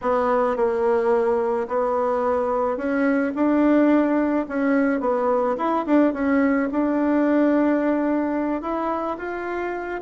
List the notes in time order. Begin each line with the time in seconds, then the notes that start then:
0.01 B3
0.56 A#3
1.68 B3
2.77 C#4
3.35 D4
4.48 C#4
5.00 B3
5.57 E4
5.86 D4
6.13 C#4
6.71 D4
8.61 E4
9.17 F4